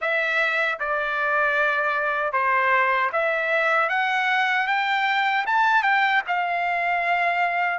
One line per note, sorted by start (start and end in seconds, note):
0.01 0.79 E5
0.79 2.32 D5
2.32 3.10 C5
3.12 3.89 E5
3.89 4.67 F#5
4.67 5.45 G5
5.46 5.82 A5
5.82 6.21 G5
6.27 7.78 F5